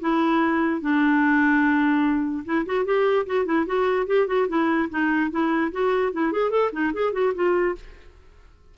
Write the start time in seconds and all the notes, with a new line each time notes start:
0.00 E4
0.81 D4
2.45 E4
2.66 F#4
2.85 G4
3.26 F#4
3.45 E4
3.66 F#4
4.06 G4
4.27 F#4
4.48 E4
4.90 D#4
5.30 E4
5.71 F#4
6.13 E4
6.32 G#4
6.51 A4
6.72 D#4
6.93 G#4
7.12 F#4
7.34 F4